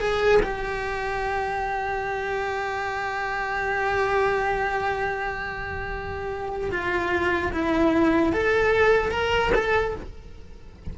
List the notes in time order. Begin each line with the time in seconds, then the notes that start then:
0.00 G#4
0.42 G4
6.71 F4
7.52 E4
8.33 A4
9.11 A#4
9.55 A4